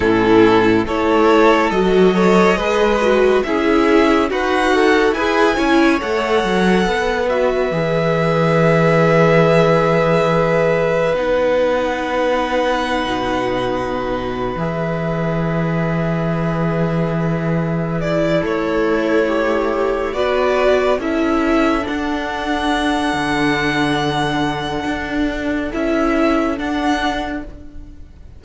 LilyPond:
<<
  \new Staff \with { instrumentName = "violin" } { \time 4/4 \tempo 4 = 70 a'4 cis''4 dis''2 | e''4 fis''4 gis''4 fis''4~ | fis''8 e''2.~ e''8~ | e''4 fis''2.~ |
fis''4 e''2.~ | e''4 d''8 cis''2 d''8~ | d''8 e''4 fis''2~ fis''8~ | fis''2 e''4 fis''4 | }
  \new Staff \with { instrumentName = "violin" } { \time 4/4 e'4 a'4. cis''8 b'4 | gis'4 fis'4 b'8 cis''4. | b'1~ | b'1~ |
b'1~ | b'4 e'2~ e'8 b'8~ | b'8 a'2.~ a'8~ | a'1 | }
  \new Staff \with { instrumentName = "viola" } { \time 4/4 cis'4 e'4 fis'8 a'8 gis'8 fis'8 | e'4 b'8 a'8 gis'8 e'8 a'4~ | a'8 fis'8 gis'2.~ | gis'4 dis'2.~ |
dis'4 gis'2.~ | gis'4. a'4 g'4 fis'8~ | fis'8 e'4 d'2~ d'8~ | d'2 e'4 d'4 | }
  \new Staff \with { instrumentName = "cello" } { \time 4/4 a,4 a4 fis4 gis4 | cis'4 dis'4 e'8 cis'8 a8 fis8 | b4 e2.~ | e4 b2~ b16 b,8.~ |
b,4 e2.~ | e4. a2 b8~ | b8 cis'4 d'4. d4~ | d4 d'4 cis'4 d'4 | }
>>